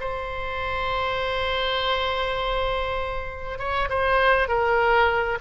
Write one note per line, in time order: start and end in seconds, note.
0.00 3.59 C5
3.59 3.89 C#5
3.89 4.48 C5
4.48 5.38 A#4